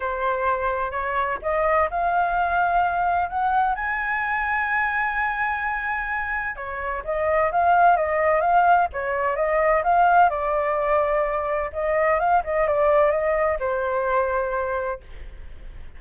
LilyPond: \new Staff \with { instrumentName = "flute" } { \time 4/4 \tempo 4 = 128 c''2 cis''4 dis''4 | f''2. fis''4 | gis''1~ | gis''2 cis''4 dis''4 |
f''4 dis''4 f''4 cis''4 | dis''4 f''4 d''2~ | d''4 dis''4 f''8 dis''8 d''4 | dis''4 c''2. | }